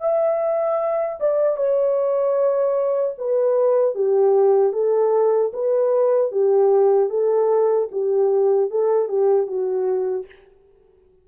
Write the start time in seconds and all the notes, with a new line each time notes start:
0.00 E5
1.20 D5
1.56 C#5
3.18 B4
3.94 G4
4.72 A4
5.53 B4
6.31 G4
7.09 A4
7.91 G4
8.70 A4
9.08 G4
9.46 F#4